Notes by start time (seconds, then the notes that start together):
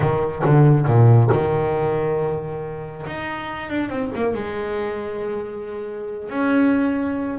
0.00 D#3
0.44 D3
0.86 A#2
1.32 D#3
3.06 D#4
3.69 D4
3.89 C4
4.15 A#3
4.34 G#3
6.29 C#4